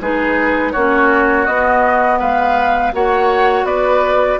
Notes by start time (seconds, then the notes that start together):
0.00 G#3 D#4 G#4 B4
0.72 A#3 C#4 F#4 C#5
1.45 B3 D#5
2.19 G#3 B4 F5
2.92 A#3 F#4 C#5 F#5
3.63 B3 B4 D5